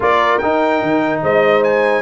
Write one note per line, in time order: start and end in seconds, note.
0.00 0.39 A#3
0.00 0.40 F4
0.00 1.21 A#4
0.00 0.38 D5
0.38 2.01 D#4
0.38 0.82 D#4
0.38 1.19 G5
0.82 1.22 D#3
1.22 2.01 G#3
1.22 2.01 C5
1.22 1.63 D#5
1.63 2.01 G#5